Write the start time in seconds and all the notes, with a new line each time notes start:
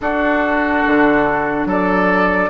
0.00 D4 F#4 A4
0.86 D3
1.65 F#3 A4 D5